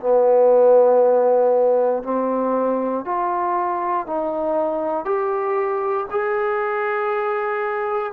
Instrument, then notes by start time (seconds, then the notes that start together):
trombone
0.00 B3
2.03 C4
3.05 F4
4.07 D#4
5.05 G4
6.11 G#4